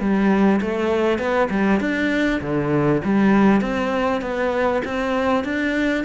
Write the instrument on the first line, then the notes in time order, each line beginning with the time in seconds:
cello
0.00 G3
0.61 A3
1.19 B3
1.51 G3
1.80 D4
2.42 D3
3.04 G3
3.61 C4
4.22 B3
4.85 C4
5.45 D4